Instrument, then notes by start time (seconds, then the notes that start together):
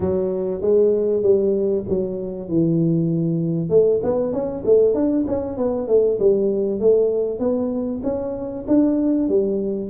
tuba
0.00 F#3
0.61 G#3
1.22 G3
1.88 F#3
2.49 E3
3.69 A3
4.03 B3
4.32 C#4
4.65 A3
4.94 D4
5.27 C#4
5.57 B3
5.87 A3
6.19 G3
6.80 A3
7.39 B3
8.03 C#4
8.67 D4
9.28 G3